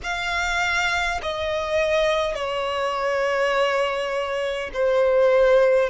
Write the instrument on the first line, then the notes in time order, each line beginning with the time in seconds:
violin
0.03 F5
1.22 D#5
2.35 C#5
4.73 C5